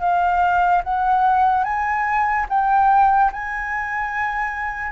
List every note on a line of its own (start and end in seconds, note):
0.00 0.82 F5
0.83 1.63 F#5
1.63 2.45 G#5
2.49 3.31 G5
3.32 4.92 G#5